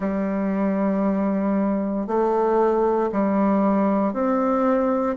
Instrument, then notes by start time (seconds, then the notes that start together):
bassoon
0.00 G3
2.07 A3
3.11 G3
4.13 C4